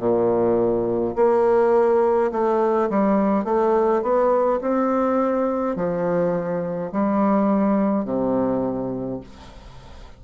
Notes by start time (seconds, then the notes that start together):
0.00 A#2
1.16 A#3
2.32 A3
2.90 G3
3.45 A3
4.03 B3
4.62 C4
5.76 F3
6.92 G3
8.05 C3